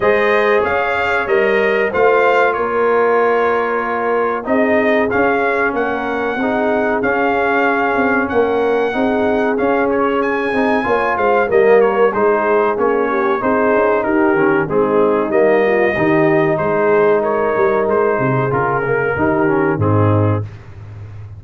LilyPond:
<<
  \new Staff \with { instrumentName = "trumpet" } { \time 4/4 \tempo 4 = 94 dis''4 f''4 dis''4 f''4 | cis''2. dis''4 | f''4 fis''2 f''4~ | f''4 fis''2 f''8 cis''8 |
gis''4. f''8 dis''8 cis''8 c''4 | cis''4 c''4 ais'4 gis'4 | dis''2 c''4 cis''4 | c''4 ais'2 gis'4 | }
  \new Staff \with { instrumentName = "horn" } { \time 4/4 c''4 cis''2 c''4 | ais'2. gis'4~ | gis'4 ais'4 gis'2~ | gis'4 ais'4 gis'2~ |
gis'4 cis''8 c''8 ais'4 gis'4~ | gis'8 g'8 gis'4 g'4 dis'4~ | dis'8 f'8 g'4 gis'4 ais'4~ | ais'8 gis'4. g'4 dis'4 | }
  \new Staff \with { instrumentName = "trombone" } { \time 4/4 gis'2 ais'4 f'4~ | f'2. dis'4 | cis'2 dis'4 cis'4~ | cis'2 dis'4 cis'4~ |
cis'8 dis'8 f'4 ais4 dis'4 | cis'4 dis'4. cis'8 c'4 | ais4 dis'2.~ | dis'4 f'8 ais8 dis'8 cis'8 c'4 | }
  \new Staff \with { instrumentName = "tuba" } { \time 4/4 gis4 cis'4 g4 a4 | ais2. c'4 | cis'4 ais4 c'4 cis'4~ | cis'8 c'8 ais4 c'4 cis'4~ |
cis'8 c'8 ais8 gis8 g4 gis4 | ais4 c'8 cis'8 dis'8 dis8 gis4 | g4 dis4 gis4. g8 | gis8 c8 cis4 dis4 gis,4 | }
>>